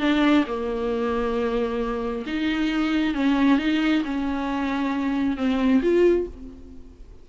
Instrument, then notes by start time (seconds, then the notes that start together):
viola
0.00 D4
0.47 A#3
2.26 D#4
3.14 C#4
3.58 D#4
4.05 C#4
5.37 C4
5.82 F4